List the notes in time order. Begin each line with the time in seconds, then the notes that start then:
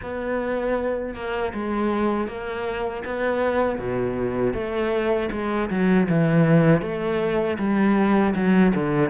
0.02 B3
1.14 A#3
1.53 G#3
2.28 A#3
3.04 B3
3.78 B2
4.53 A3
5.31 G#3
5.70 F#3
6.09 E3
6.81 A3
7.58 G3
8.35 F#3
8.74 D3